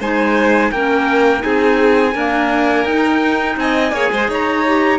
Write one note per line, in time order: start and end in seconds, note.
0.00 0.71 G#3
0.00 0.74 D#4
0.00 0.72 C5
0.00 0.72 G#5
0.72 1.43 A#3
0.72 1.39 C#4
0.72 1.44 A#4
0.72 1.43 G5
1.39 2.15 C4
1.39 2.11 D#4
1.39 2.14 G#4
1.39 2.86 G#5
2.14 2.89 A#3
2.14 2.85 D4
2.14 3.57 A#4
2.85 3.57 D#4
2.85 3.94 D#4
2.85 3.57 G5
3.57 3.92 C4
3.57 3.94 D#5
3.57 4.30 G#5
3.92 4.10 A#3
3.92 4.65 G#4
3.92 4.12 C#5
4.12 4.29 G#3
4.12 4.30 C5
4.29 4.99 D#4
4.29 4.99 C#5
4.29 4.99 A#5
4.67 4.99 G4